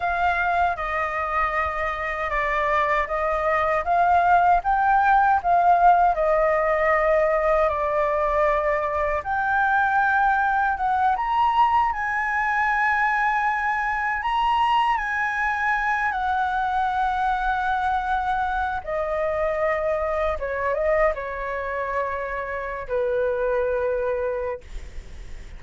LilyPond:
\new Staff \with { instrumentName = "flute" } { \time 4/4 \tempo 4 = 78 f''4 dis''2 d''4 | dis''4 f''4 g''4 f''4 | dis''2 d''2 | g''2 fis''8 ais''4 gis''8~ |
gis''2~ gis''8 ais''4 gis''8~ | gis''4 fis''2.~ | fis''8 dis''2 cis''8 dis''8 cis''8~ | cis''4.~ cis''16 b'2~ b'16 | }